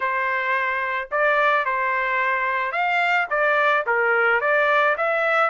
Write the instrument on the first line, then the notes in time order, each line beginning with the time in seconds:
trumpet
0.00 C5
1.11 D5
1.65 C5
2.72 F5
3.30 D5
3.86 A#4
4.40 D5
4.97 E5